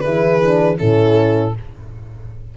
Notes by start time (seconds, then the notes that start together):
0.00 E4 G#4 B4
0.06 E3
0.42 D4
0.78 A2 C#4 E4 A4